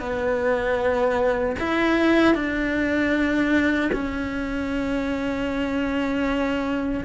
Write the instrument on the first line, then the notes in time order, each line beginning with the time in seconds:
cello
0.00 B3
1.59 E4
2.34 D4
3.92 C#4